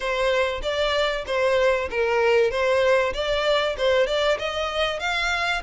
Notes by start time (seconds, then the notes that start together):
0.00 C5
0.62 D5
1.26 C5
1.90 A#4
2.50 C5
3.13 D5
3.77 C5
4.06 D5
4.38 D#5
4.99 F5